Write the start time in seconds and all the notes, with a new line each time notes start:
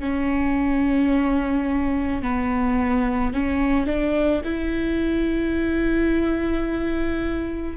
0.00 C#4
2.22 B3
3.33 C#4
3.86 D4
4.44 E4